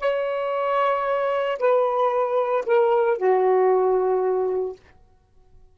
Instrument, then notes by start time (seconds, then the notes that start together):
saxophone
0.00 C#5
1.59 B4
2.66 A#4
3.17 F#4